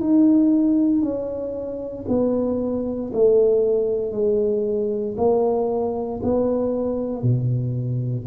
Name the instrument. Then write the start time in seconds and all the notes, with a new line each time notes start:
tuba
0.00 D#4
1.02 C#4
2.08 B3
3.13 A3
4.12 G#3
5.17 A#3
6.23 B3
7.22 B2